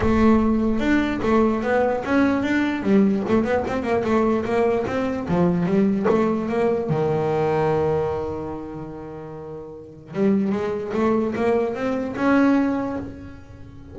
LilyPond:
\new Staff \with { instrumentName = "double bass" } { \time 4/4 \tempo 4 = 148 a2 d'4 a4 | b4 cis'4 d'4 g4 | a8 b8 c'8 ais8 a4 ais4 | c'4 f4 g4 a4 |
ais4 dis2.~ | dis1~ | dis4 g4 gis4 a4 | ais4 c'4 cis'2 | }